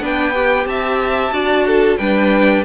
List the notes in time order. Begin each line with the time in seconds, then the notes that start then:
0.00 B3 D4 B4 G5
0.34 G4
0.65 C4 E5 A5
1.31 D4 F#4 D5
1.66 A4
1.97 G3 D4 B4 G5